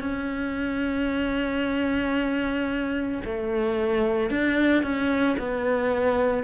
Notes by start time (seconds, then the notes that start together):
0.00 C#4
3.24 A3
4.30 D4
4.83 C#4
5.38 B3